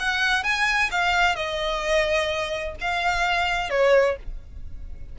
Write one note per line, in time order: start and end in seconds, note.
0.00 0.44 F#5
0.44 0.90 G#5
0.92 1.36 F5
1.36 2.75 D#5
2.81 3.70 F5
3.70 4.17 C#5